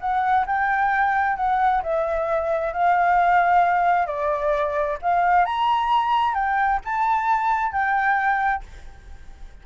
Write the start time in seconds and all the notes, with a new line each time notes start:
0.00 F#5
0.46 G5
1.36 F#5
1.83 E5
2.73 F5
4.06 D5
5.02 F5
5.45 A#5
6.34 G5
6.84 A5
7.72 G5